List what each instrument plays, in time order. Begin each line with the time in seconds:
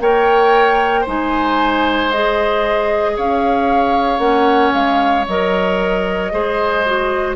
0.00 bassoon A#3, clarinet A#4, oboe C#5, flute G5
1.01 clarinet D#4, oboe C5
1.07 bassoon G#3, flute G#5
2.11 clarinet G#4, flute D#5
3.16 bassoon C#4, oboe C#5, flute F5
4.18 bassoon A#3, clarinet C#4, flute F#5
4.73 bassoon G#3, flute F5
5.28 bassoon F#3, clarinet A#4, flute D#5
6.32 bassoon G#3, clarinet G#4, oboe C5
6.86 clarinet F#4